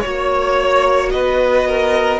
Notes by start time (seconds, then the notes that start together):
0.00 A#3 F#4 C#5
1.10 B3 B4 D#5
1.67 A#4